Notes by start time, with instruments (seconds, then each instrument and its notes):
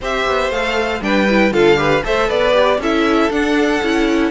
0.00 cello C4, viola G4, violin C5 E5
0.26 cello B3
0.49 cello A3, viola A4, violin F5
1.01 cello G3, viola D4, violin B4 G5
1.29 viola E4
1.51 cello D3, viola F4, violin A4 F5
1.76 viola G4, violin B4
2.02 cello A3, viola A4, violin C5 E5
2.28 cello B3, violin B4 D5
2.53 viola G4
2.78 cello C#4, viola E4, violin A4 E5
3.30 cello D4, viola D4, violin F#5
3.81 cello C#4, viola E4